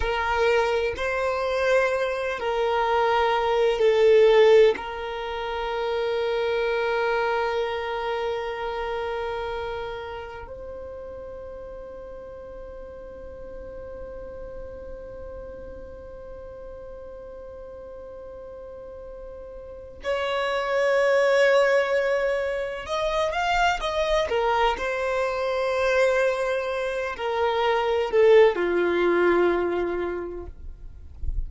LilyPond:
\new Staff \with { instrumentName = "violin" } { \time 4/4 \tempo 4 = 63 ais'4 c''4. ais'4. | a'4 ais'2.~ | ais'2. c''4~ | c''1~ |
c''1~ | c''4 cis''2. | dis''8 f''8 dis''8 ais'8 c''2~ | c''8 ais'4 a'8 f'2 | }